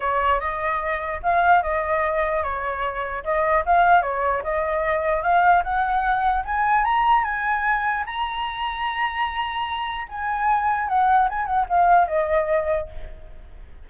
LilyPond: \new Staff \with { instrumentName = "flute" } { \time 4/4 \tempo 4 = 149 cis''4 dis''2 f''4 | dis''2 cis''2 | dis''4 f''4 cis''4 dis''4~ | dis''4 f''4 fis''2 |
gis''4 ais''4 gis''2 | ais''1~ | ais''4 gis''2 fis''4 | gis''8 fis''8 f''4 dis''2 | }